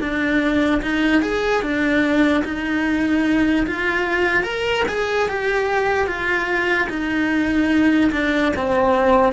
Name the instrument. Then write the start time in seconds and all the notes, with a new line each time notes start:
cello
0.00 D4
0.82 D#4
1.22 G#4
1.62 D4
2.44 D#4
3.66 F4
4.43 A#4
4.88 G#4
5.28 G4
6.07 F4
6.89 D#4
8.12 D4
8.56 C4